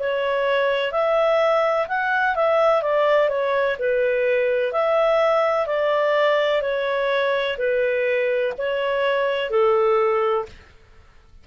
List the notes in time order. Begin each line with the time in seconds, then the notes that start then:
0.00 C#5
0.92 E5
1.88 F#5
2.36 E5
2.83 D5
3.29 C#5
3.79 B4
4.73 E5
5.67 D5
6.62 C#5
7.58 B4
8.58 C#5
9.51 A4